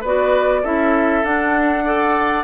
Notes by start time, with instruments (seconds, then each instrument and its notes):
0.00 bassoon B3, clarinet F#4, oboe B4, flute D5
0.62 bassoon C#4, clarinet E4, oboe A4, flute E5
1.23 bassoon D4, clarinet D4, flute F#5
1.84 clarinet A4, oboe D5